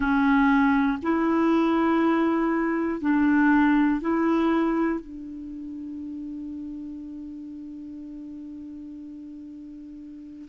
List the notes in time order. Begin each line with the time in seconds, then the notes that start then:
0.00 C#4
1.02 E4
3.00 D4
4.00 E4
5.00 D4